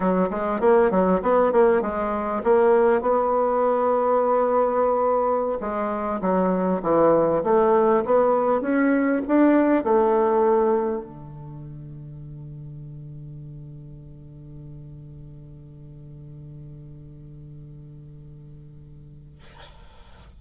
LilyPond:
\new Staff \with { instrumentName = "bassoon" } { \time 4/4 \tempo 4 = 99 fis8 gis8 ais8 fis8 b8 ais8 gis4 | ais4 b2.~ | b4~ b16 gis4 fis4 e8.~ | e16 a4 b4 cis'4 d'8.~ |
d'16 a2 d4.~ d16~ | d1~ | d1~ | d1 | }